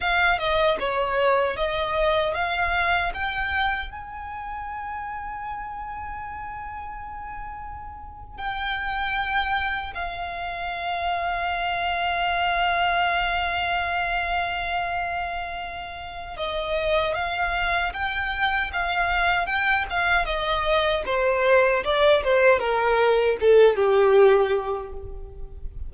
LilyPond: \new Staff \with { instrumentName = "violin" } { \time 4/4 \tempo 4 = 77 f''8 dis''8 cis''4 dis''4 f''4 | g''4 gis''2.~ | gis''2~ gis''8. g''4~ g''16~ | g''8. f''2.~ f''16~ |
f''1~ | f''4 dis''4 f''4 g''4 | f''4 g''8 f''8 dis''4 c''4 | d''8 c''8 ais'4 a'8 g'4. | }